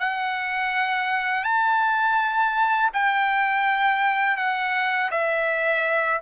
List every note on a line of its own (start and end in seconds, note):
0.00 1.44 F#5
1.44 2.90 A5
2.94 4.37 G5
4.37 5.10 F#5
5.11 6.21 E5